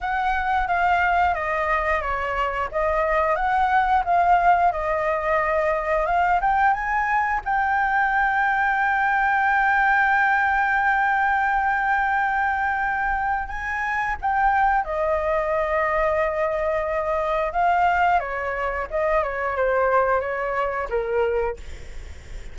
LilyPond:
\new Staff \with { instrumentName = "flute" } { \time 4/4 \tempo 4 = 89 fis''4 f''4 dis''4 cis''4 | dis''4 fis''4 f''4 dis''4~ | dis''4 f''8 g''8 gis''4 g''4~ | g''1~ |
g''1 | gis''4 g''4 dis''2~ | dis''2 f''4 cis''4 | dis''8 cis''8 c''4 cis''4 ais'4 | }